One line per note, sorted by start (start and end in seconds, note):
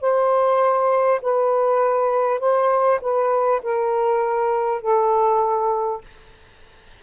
0.00 1.20 C5
1.21 2.39 B4
2.39 2.99 C5
3.01 3.61 B4
3.62 4.81 A#4
4.81 6.01 A4